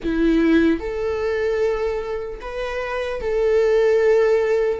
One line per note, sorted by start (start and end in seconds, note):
0.03 0.80 E4
0.80 2.40 A4
2.40 3.20 B4
3.20 4.80 A4